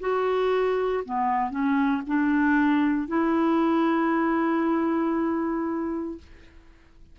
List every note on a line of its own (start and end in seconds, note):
0.00 1.03 F#4
1.05 1.50 B3
1.50 2.02 C#4
2.07 3.08 D4
3.08 6.18 E4